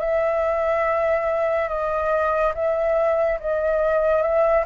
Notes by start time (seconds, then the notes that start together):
0.00 E5
1.69 D#5
2.55 E5
3.40 D#5
4.23 E5